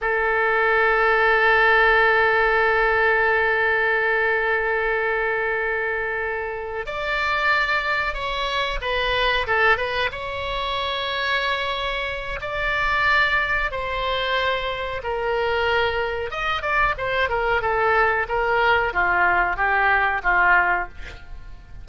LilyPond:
\new Staff \with { instrumentName = "oboe" } { \time 4/4 \tempo 4 = 92 a'1~ | a'1~ | a'2~ a'8 d''4.~ | d''8 cis''4 b'4 a'8 b'8 cis''8~ |
cis''2. d''4~ | d''4 c''2 ais'4~ | ais'4 dis''8 d''8 c''8 ais'8 a'4 | ais'4 f'4 g'4 f'4 | }